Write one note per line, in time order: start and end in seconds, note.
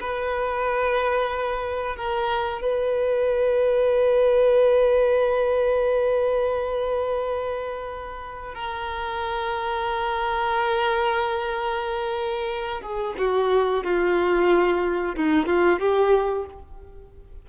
0.00 1.96 B4
1.96 2.61 A#4
2.61 8.54 B4
8.54 12.81 A#4
12.81 13.14 G#4
13.17 13.83 F#4
13.83 15.15 F4
15.16 15.46 D#4
15.46 15.79 F4
15.79 16.45 G4